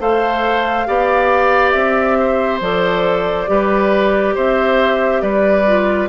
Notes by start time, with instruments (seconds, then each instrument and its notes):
0.00 bassoon A3, clarinet A4, oboe C5, flute F5
0.86 bassoon B3, clarinet G4, oboe D5
1.71 bassoon C4, flute E5
2.20 oboe C5
2.61 bassoon F3, clarinet A4, flute D5
3.47 bassoon G3, clarinet G4, oboe B4
4.35 bassoon C4, oboe C5, flute E5
5.21 bassoon G3, oboe B4, flute D5
5.67 clarinet F4